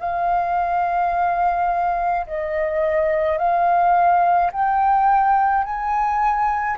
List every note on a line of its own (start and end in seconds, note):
0.00 2.26 F5
2.27 3.38 D#5
3.38 4.51 F5
4.52 5.64 G5
5.64 6.78 G#5